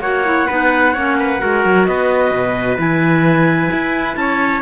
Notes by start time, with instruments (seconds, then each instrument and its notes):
0.00 cello A#3, clarinet F#4 F#5, trumpet C#5
0.24 clarinet E4
0.47 cello B3, clarinet D#4, trumpet B4
0.93 cello A#3, clarinet C#4, trumpet C#5
1.19 trumpet B4
1.39 cello G#3, clarinet F#4, trumpet A#4
1.65 cello F#3
1.85 cello B3, trumpet B4, clarinet D#5
2.31 cello B2
2.77 cello E3, clarinet E4 G#5
3.71 cello E4
4.15 cello C#4, trumpet C#5, clarinet A5